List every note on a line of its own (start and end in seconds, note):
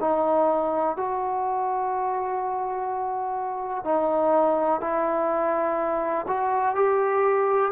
0.00 0.96 D#4
0.96 3.84 F#4
3.84 4.80 D#4
4.80 6.26 E4
6.27 6.75 F#4
6.75 7.72 G4